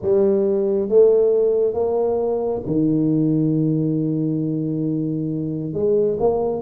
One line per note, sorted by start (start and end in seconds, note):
0.02 0.88 G3
0.88 1.73 A3
1.73 2.61 A#3
2.66 5.73 D#3
5.73 6.17 G#3
6.19 6.61 A#3